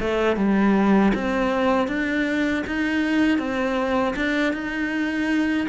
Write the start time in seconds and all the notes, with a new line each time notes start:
0.00 A3
0.37 G3
1.15 C4
1.88 D4
2.67 D#4
3.38 C4
4.16 D4
4.53 D#4